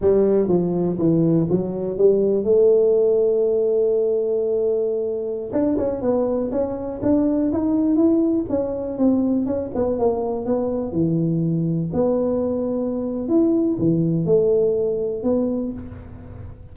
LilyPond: \new Staff \with { instrumentName = "tuba" } { \time 4/4 \tempo 4 = 122 g4 f4 e4 fis4 | g4 a2.~ | a2.~ a16 d'8 cis'16~ | cis'16 b4 cis'4 d'4 dis'8.~ |
dis'16 e'4 cis'4 c'4 cis'8 b16~ | b16 ais4 b4 e4.~ e16~ | e16 b2~ b8. e'4 | e4 a2 b4 | }